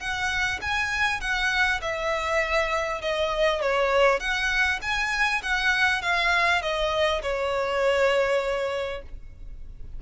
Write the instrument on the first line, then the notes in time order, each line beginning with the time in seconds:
violin
0.00 F#5
0.62 G#5
1.21 F#5
1.82 E5
3.02 D#5
3.62 C#5
4.20 F#5
4.82 G#5
5.43 F#5
6.02 F5
6.62 D#5
7.22 C#5